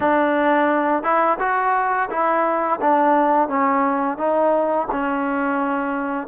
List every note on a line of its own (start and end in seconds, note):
0.00 1.03 D4
1.03 1.38 E4
1.39 2.09 F#4
2.09 2.79 E4
2.80 3.48 D4
3.48 4.17 C#4
4.17 4.87 D#4
4.91 6.27 C#4